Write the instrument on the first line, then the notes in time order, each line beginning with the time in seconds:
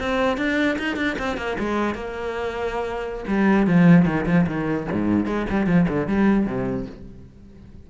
cello
0.00 C4
0.38 D4
0.79 D#4
0.97 D4
1.19 C4
1.37 A#3
1.59 G#3
1.95 A#3
3.28 G3
3.67 F3
4.06 D#3
4.27 F3
4.48 D#3
4.93 G#2
5.27 G#3
5.50 G3
5.67 F3
5.89 D3
6.08 G3
6.47 C3